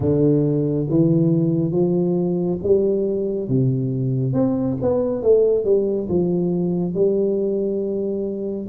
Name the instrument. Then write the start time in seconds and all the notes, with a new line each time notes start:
tuba
0.00 D3
0.89 E3
1.71 F3
2.62 G3
3.48 C3
4.33 C4
4.81 B3
5.22 A3
5.64 G3
6.09 F3
6.94 G3